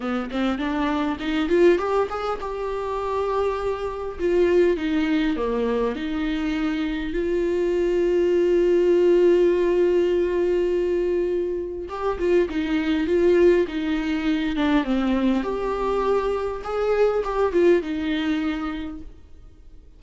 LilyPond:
\new Staff \with { instrumentName = "viola" } { \time 4/4 \tempo 4 = 101 b8 c'8 d'4 dis'8 f'8 g'8 gis'8 | g'2. f'4 | dis'4 ais4 dis'2 | f'1~ |
f'1 | g'8 f'8 dis'4 f'4 dis'4~ | dis'8 d'8 c'4 g'2 | gis'4 g'8 f'8 dis'2 | }